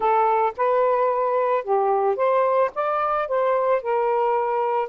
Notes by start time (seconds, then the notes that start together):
0.00 A4
0.57 B4
1.64 G4
2.16 C5
2.74 D5
3.28 C5
3.82 A#4